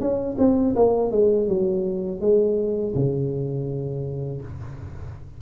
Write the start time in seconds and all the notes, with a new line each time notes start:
0.00 C#4
0.38 C4
0.76 A#3
1.11 G#3
1.48 F#3
2.21 G#3
2.95 C#3